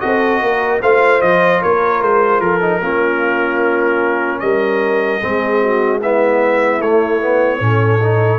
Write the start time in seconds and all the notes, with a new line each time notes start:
0.00 C4 F#4 A4 D#5
0.41 A#3 A#4
0.81 A3 F4 C5 F5
1.21 F3 D#5
1.61 A#3 A#4 C#5
2.01 G#3 C5
2.40 F3 A4 A#4
2.61 D#4
2.81 A#3 C#4 F4
4.39 G3 A#4 D#5
5.20 G#3 C4 G#4
5.61 F#4
6.01 B3 E4 E5
6.80 A3 C#5
7.21 B3
7.60 A2 C#4 A4
8.01 D#4